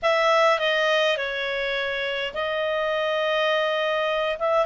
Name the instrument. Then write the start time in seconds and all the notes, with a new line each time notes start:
clarinet
0.02 E5
0.59 D#5
1.17 C#5
2.34 D#5
4.38 E5